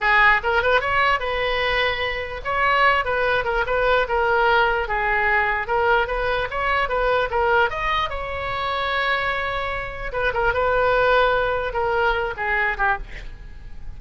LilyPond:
\new Staff \with { instrumentName = "oboe" } { \time 4/4 \tempo 4 = 148 gis'4 ais'8 b'8 cis''4 b'4~ | b'2 cis''4. b'8~ | b'8 ais'8 b'4 ais'2 | gis'2 ais'4 b'4 |
cis''4 b'4 ais'4 dis''4 | cis''1~ | cis''4 b'8 ais'8 b'2~ | b'4 ais'4. gis'4 g'8 | }